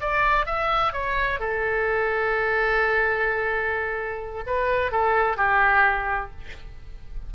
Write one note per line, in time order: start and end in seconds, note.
0.00 0.46 D5
0.46 0.93 E5
0.93 1.39 C#5
1.39 4.44 A4
4.46 4.91 B4
4.91 5.37 A4
5.37 6.30 G4